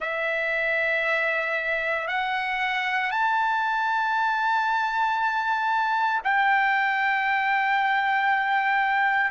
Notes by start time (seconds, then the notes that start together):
0.00 E5
2.07 F#5
3.10 A5
6.24 G5